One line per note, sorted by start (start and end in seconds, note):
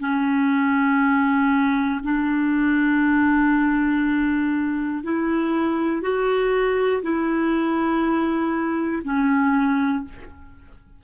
0.00 2.00 C#4
2.03 5.03 D4
5.03 6.02 E4
6.02 7.02 F#4
7.02 9.02 E4
9.04 10.04 C#4